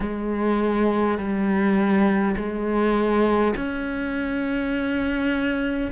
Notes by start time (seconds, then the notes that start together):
0.00 G#3
1.18 G3
2.36 G#3
3.56 C#4